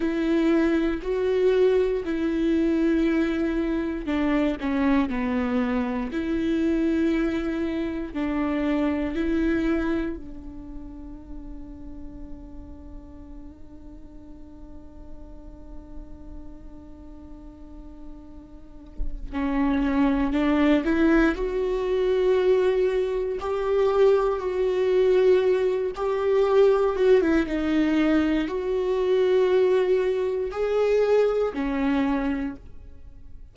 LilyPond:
\new Staff \with { instrumentName = "viola" } { \time 4/4 \tempo 4 = 59 e'4 fis'4 e'2 | d'8 cis'8 b4 e'2 | d'4 e'4 d'2~ | d'1~ |
d'2. cis'4 | d'8 e'8 fis'2 g'4 | fis'4. g'4 fis'16 e'16 dis'4 | fis'2 gis'4 cis'4 | }